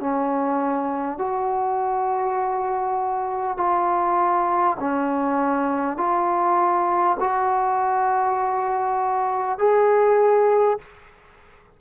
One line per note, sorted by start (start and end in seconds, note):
0.00 1.18 C#4
1.18 3.57 F#4
3.57 4.77 F4
4.79 5.97 C#4
5.97 7.17 F4
7.19 9.58 F#4
9.58 10.78 G#4